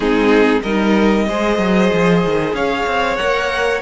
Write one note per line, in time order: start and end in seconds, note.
0.00 0.61 G#3
0.00 0.64 C4
0.00 0.61 D#4
0.00 0.61 G#4
0.61 1.27 G3
0.61 1.28 D#4
0.61 1.25 A#4
0.61 2.54 D#5
1.27 1.58 G#3
1.27 3.18 G#4
1.27 2.55 C5
1.58 1.90 F#3
1.93 2.25 F3
2.25 2.53 D#3
2.53 2.85 C#4
2.53 3.82 C#5
2.53 3.16 F5
2.86 3.18 C4
3.16 3.82 A#3
3.16 3.81 A#4
3.16 3.80 F#5